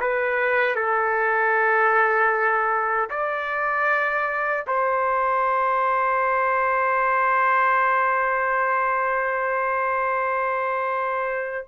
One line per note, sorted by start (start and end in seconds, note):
0.00 0.75 B4
0.75 3.09 A4
3.10 4.65 D5
4.66 11.67 C5